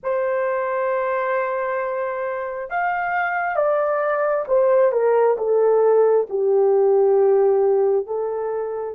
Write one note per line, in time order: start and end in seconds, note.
0.03 2.70 C5
2.70 3.55 F5
3.55 4.45 D5
4.47 4.92 C5
4.92 5.36 A#4
5.37 6.27 A4
6.29 8.06 G4
8.06 8.95 A4